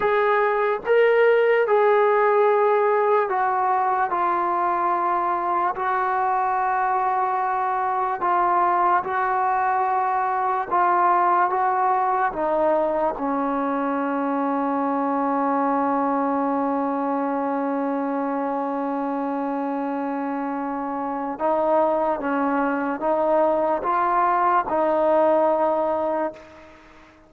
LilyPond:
\new Staff \with { instrumentName = "trombone" } { \time 4/4 \tempo 4 = 73 gis'4 ais'4 gis'2 | fis'4 f'2 fis'4~ | fis'2 f'4 fis'4~ | fis'4 f'4 fis'4 dis'4 |
cis'1~ | cis'1~ | cis'2 dis'4 cis'4 | dis'4 f'4 dis'2 | }